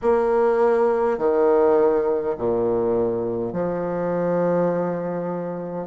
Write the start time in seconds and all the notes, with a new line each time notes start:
0.02 A#3
1.18 D#3
2.37 A#2
3.52 F3